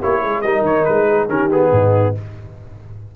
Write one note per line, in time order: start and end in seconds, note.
0.00 0.24 A#3
0.00 0.45 E4
0.00 0.21 G4
0.00 0.41 C#5
0.22 0.44 G#3
0.22 0.43 G#4
0.41 0.62 G3
0.41 1.29 D#4
0.41 1.07 A#4
0.41 0.63 D#5
0.62 0.84 D#3
0.62 0.85 C#5
0.85 1.29 G#3
0.85 1.28 B4
1.07 1.29 G#4
1.29 1.71 D#3
1.29 1.50 C#4
1.29 1.72 G4
1.29 1.51 A#4
1.51 2.15 B3
1.51 2.16 G#4
1.72 2.14 G#2
1.72 2.15 D#4